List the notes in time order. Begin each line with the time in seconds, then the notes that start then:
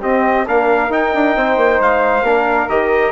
0.00 C4 G4 D#5
0.46 A#3 D4 A#4 F5
0.89 D#4 G5
1.14 D4
1.36 C4 C5
1.56 A#3
1.80 G#3 F5
2.22 A#3 D4 A#4
2.68 D#3 G4 D#5